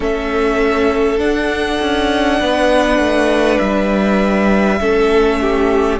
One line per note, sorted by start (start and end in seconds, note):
0.00 1.19 A3
0.00 1.18 C#4
0.00 2.39 A4
0.00 1.19 E5
1.18 4.78 D4
1.18 1.79 D4
1.18 3.58 F#5
1.80 2.40 C#4
2.39 2.98 B3
2.39 4.79 B4
2.98 3.58 A3
3.58 4.80 G3
3.58 5.98 E5
4.79 5.99 A3
4.79 5.99 C#4
4.79 5.40 A4
5.41 5.99 G4